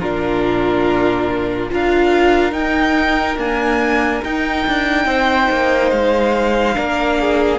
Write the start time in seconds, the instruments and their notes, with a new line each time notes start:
0.00 cello A#2, viola D4, violin F4 A#4
1.70 cello D4, viola F4, violin A#4 F5
2.52 viola D#4, cello D#4, violin G5
3.37 viola A#3, cello D4, violin G#5
4.24 viola D#4, cello D#4, violin G5
4.68 cello D4
5.06 cello C4, violin C5
5.52 cello A#3
5.90 cello G#3, violin F5
6.75 cello A#3, viola D4, violin A#4
7.20 violin G#4